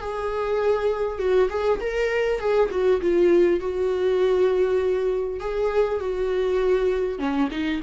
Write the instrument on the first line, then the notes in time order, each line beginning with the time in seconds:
viola
0.00 G#4
1.19 F#4
1.50 G#4
1.81 A#4
2.40 G#4
2.71 F#4
3.01 F4
3.60 F#4
5.40 G#4
6.00 F#4
7.19 C#4
7.51 D#4